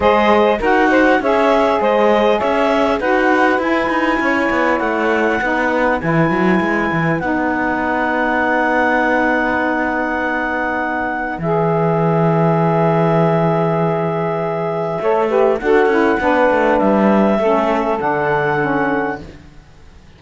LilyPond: <<
  \new Staff \with { instrumentName = "clarinet" } { \time 4/4 \tempo 4 = 100 dis''4 fis''4 e''4 dis''4 | e''4 fis''4 gis''2 | fis''2 gis''2 | fis''1~ |
fis''2. e''4~ | e''1~ | e''2 fis''2 | e''2 fis''2 | }
  \new Staff \with { instrumentName = "saxophone" } { \time 4/4 c''4 ais'8 c''8 cis''4 c''4 | cis''4 b'2 cis''4~ | cis''4 b'2.~ | b'1~ |
b'1~ | b'1~ | b'4 cis''8 b'8 a'4 b'4~ | b'4 a'2. | }
  \new Staff \with { instrumentName = "saxophone" } { \time 4/4 gis'4 fis'4 gis'2~ | gis'4 fis'4 e'2~ | e'4 dis'4 e'2 | dis'1~ |
dis'2. gis'4~ | gis'1~ | gis'4 a'8 g'8 fis'8 e'8 d'4~ | d'4 cis'4 d'4 cis'4 | }
  \new Staff \with { instrumentName = "cello" } { \time 4/4 gis4 dis'4 cis'4 gis4 | cis'4 dis'4 e'8 dis'8 cis'8 b8 | a4 b4 e8 fis8 gis8 e8 | b1~ |
b2. e4~ | e1~ | e4 a4 d'8 cis'8 b8 a8 | g4 a4 d2 | }
>>